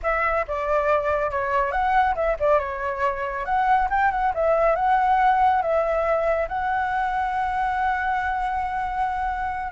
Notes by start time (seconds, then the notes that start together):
0.03 E5
0.47 D5
1.30 C#5
1.71 F#5
2.15 E5
2.39 D5
2.59 C#5
3.45 F#5
3.90 G5
4.11 F#5
4.34 E5
4.75 F#5
5.61 E5
6.48 F#5